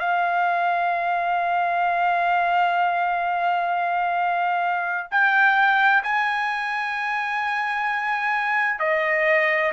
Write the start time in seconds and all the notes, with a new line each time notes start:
0.00 F5
5.11 G5
6.04 G#5
8.79 D#5